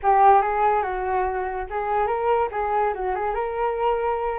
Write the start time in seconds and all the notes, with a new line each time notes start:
0.02 G4
0.41 G#4
0.82 F#4
1.70 G#4
2.06 A#4
2.51 G#4
2.94 F#4
3.15 G#4
3.34 A#4